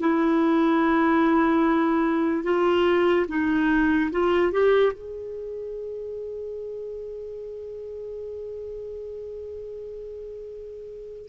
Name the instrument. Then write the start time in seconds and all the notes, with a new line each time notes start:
clarinet
0.00 E4
2.44 F4
3.28 D#4
4.11 F4
4.52 G4
4.93 G#4